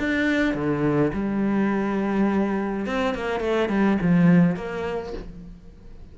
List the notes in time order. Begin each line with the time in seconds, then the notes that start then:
0.00 D4
0.55 D3
1.14 G3
2.87 C4
3.15 A#3
3.41 A3
3.69 G3
4.02 F3
4.56 A#3